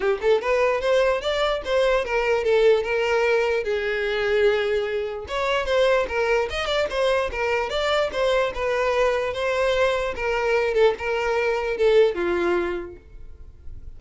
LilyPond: \new Staff \with { instrumentName = "violin" } { \time 4/4 \tempo 4 = 148 g'8 a'8 b'4 c''4 d''4 | c''4 ais'4 a'4 ais'4~ | ais'4 gis'2.~ | gis'4 cis''4 c''4 ais'4 |
dis''8 d''8 c''4 ais'4 d''4 | c''4 b'2 c''4~ | c''4 ais'4. a'8 ais'4~ | ais'4 a'4 f'2 | }